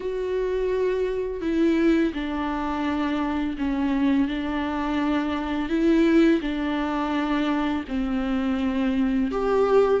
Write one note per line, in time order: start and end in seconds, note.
0.00 1.41 F#4
1.41 2.12 E4
2.13 3.56 D4
3.58 4.28 C#4
4.28 5.69 D4
5.69 6.40 E4
6.41 7.84 D4
7.88 9.31 C4
9.31 10.00 G4